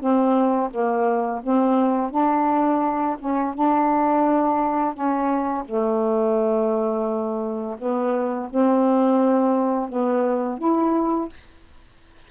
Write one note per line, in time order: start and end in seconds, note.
0.00 0.71 C4
0.71 1.42 A#3
1.43 2.11 C4
2.11 3.17 D4
3.20 3.55 C#4
3.55 4.94 D4
4.94 5.65 C#4
5.65 7.77 A3
7.79 8.50 B3
8.50 9.90 C4
9.90 10.59 B3
10.59 11.29 E4